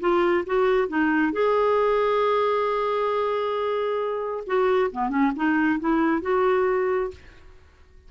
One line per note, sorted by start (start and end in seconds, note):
0.00 0.44 F4
0.46 0.88 F#4
0.88 1.33 D#4
1.33 4.44 G#4
4.46 4.91 F#4
4.92 5.09 B3
5.09 5.32 C#4
5.36 5.80 D#4
5.80 6.22 E4
6.22 7.11 F#4